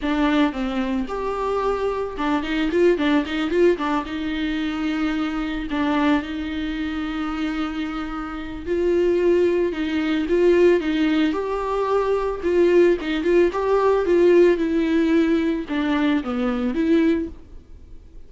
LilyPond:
\new Staff \with { instrumentName = "viola" } { \time 4/4 \tempo 4 = 111 d'4 c'4 g'2 | d'8 dis'8 f'8 d'8 dis'8 f'8 d'8 dis'8~ | dis'2~ dis'8 d'4 dis'8~ | dis'1 |
f'2 dis'4 f'4 | dis'4 g'2 f'4 | dis'8 f'8 g'4 f'4 e'4~ | e'4 d'4 b4 e'4 | }